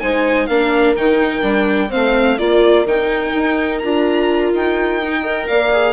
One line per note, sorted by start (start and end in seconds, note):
0.00 0.49 G#3
0.00 0.49 D#4
0.00 0.48 C5
0.00 0.47 G#5
0.47 0.96 A#3
0.47 0.97 D4
0.47 1.90 A#4
0.47 0.94 F5
0.96 1.43 D#3
0.96 1.42 D#4
0.96 1.91 G5
1.42 1.91 G3
1.42 1.89 D4
1.90 2.40 A3
1.90 2.37 C4
1.90 2.37 C5
1.90 2.39 F5
2.39 2.86 A#3
2.39 2.86 F4
2.39 5.22 A#4
2.39 2.86 D5
2.86 3.33 D#3
2.86 3.82 D#4
2.86 3.79 G5
3.35 3.83 D#4
3.79 4.53 D4
3.79 5.03 F4
3.79 4.51 A#5
4.53 5.49 D#4
4.53 5.48 G5
5.03 5.24 D#4
5.22 5.72 A#4
5.22 5.46 D#5
5.48 5.94 A#3
5.48 5.94 D5
5.48 5.94 F5
5.72 5.94 G#4